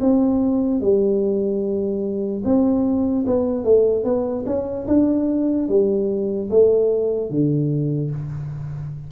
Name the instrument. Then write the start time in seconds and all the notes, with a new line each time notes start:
tuba
0.00 C4
0.80 G3
2.44 C4
3.26 B3
3.64 A3
4.04 B3
4.46 C#4
4.87 D4
5.68 G3
6.50 A3
7.30 D3